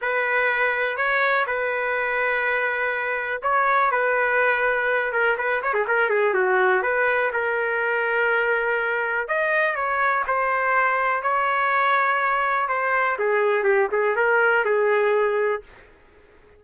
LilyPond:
\new Staff \with { instrumentName = "trumpet" } { \time 4/4 \tempo 4 = 123 b'2 cis''4 b'4~ | b'2. cis''4 | b'2~ b'8 ais'8 b'8 cis''16 gis'16 | ais'8 gis'8 fis'4 b'4 ais'4~ |
ais'2. dis''4 | cis''4 c''2 cis''4~ | cis''2 c''4 gis'4 | g'8 gis'8 ais'4 gis'2 | }